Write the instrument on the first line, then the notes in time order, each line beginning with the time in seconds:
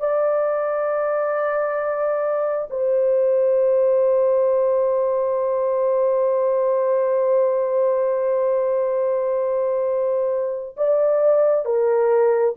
horn
0.00 D5
2.70 C5
10.77 D5
11.66 A#4